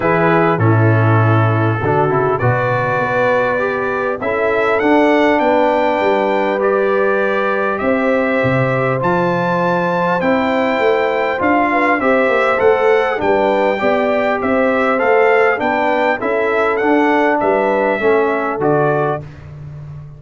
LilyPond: <<
  \new Staff \with { instrumentName = "trumpet" } { \time 4/4 \tempo 4 = 100 b'4 a'2. | d''2. e''4 | fis''4 g''2 d''4~ | d''4 e''2 a''4~ |
a''4 g''2 f''4 | e''4 fis''4 g''2 | e''4 f''4 g''4 e''4 | fis''4 e''2 d''4 | }
  \new Staff \with { instrumentName = "horn" } { \time 4/4 gis'4 e'2 fis'4 | b'2. a'4~ | a'4 b'2.~ | b'4 c''2.~ |
c''2.~ c''8 b'8 | c''2 b'4 d''4 | c''2 b'4 a'4~ | a'4 b'4 a'2 | }
  \new Staff \with { instrumentName = "trombone" } { \time 4/4 e'4 cis'2 d'8 e'8 | fis'2 g'4 e'4 | d'2. g'4~ | g'2. f'4~ |
f'4 e'2 f'4 | g'4 a'4 d'4 g'4~ | g'4 a'4 d'4 e'4 | d'2 cis'4 fis'4 | }
  \new Staff \with { instrumentName = "tuba" } { \time 4/4 e4 a,2 d8 cis8 | b,4 b2 cis'4 | d'4 b4 g2~ | g4 c'4 c4 f4~ |
f4 c'4 a4 d'4 | c'8 ais8 a4 g4 b4 | c'4 a4 b4 cis'4 | d'4 g4 a4 d4 | }
>>